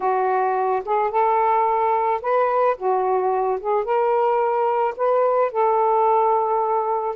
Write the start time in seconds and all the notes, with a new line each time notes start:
0.00 F#4
0.85 G#4
1.10 A4
2.21 B4
2.77 F#4
3.60 G#4
3.84 A#4
4.96 B4
5.51 A4